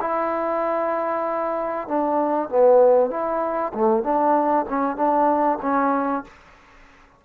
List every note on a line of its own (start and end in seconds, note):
0.00 1.88 E4
1.88 2.49 D4
2.49 3.10 B3
3.10 3.72 E4
3.74 4.03 A3
4.03 4.65 D4
4.68 4.96 C#4
4.96 5.58 D4
5.61 6.24 C#4